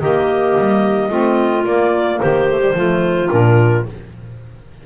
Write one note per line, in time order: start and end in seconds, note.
0.00 0.56 D#3
0.00 1.10 A#3
0.00 1.09 G4
0.00 1.65 D#5
0.58 1.09 G3
1.09 1.64 A3
1.09 1.65 C4
1.09 2.19 F4
1.65 2.20 A#3
1.65 2.49 A#3
1.65 2.19 D5
2.19 2.74 D#3
2.19 2.75 G4
2.19 3.29 C5
2.49 2.61 A3
2.61 2.74 G3
2.74 3.29 F3
2.74 3.29 A3
2.74 3.86 F4
3.29 3.86 A#2
3.29 3.85 D4
3.29 3.86 A#4